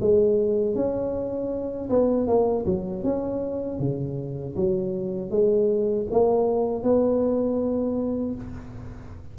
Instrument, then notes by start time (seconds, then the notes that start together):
tuba
0.00 G#3
0.75 C#4
1.89 B3
2.27 A#3
2.65 F#3
3.03 C#4
3.79 C#3
4.55 F#3
5.30 G#3
6.10 A#3
6.83 B3